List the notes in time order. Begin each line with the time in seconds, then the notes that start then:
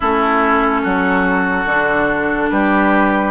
0.00 A3 C#4 E4 A4
0.83 F#3 F#4
1.65 D3 D4
2.49 G3 G4 B4